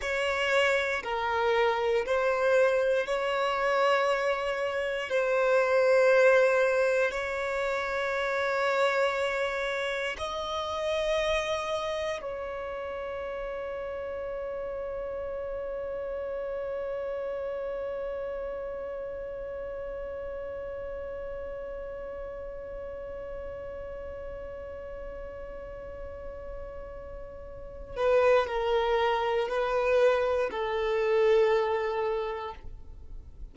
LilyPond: \new Staff \with { instrumentName = "violin" } { \time 4/4 \tempo 4 = 59 cis''4 ais'4 c''4 cis''4~ | cis''4 c''2 cis''4~ | cis''2 dis''2 | cis''1~ |
cis''1~ | cis''1~ | cis''2.~ cis''8 b'8 | ais'4 b'4 a'2 | }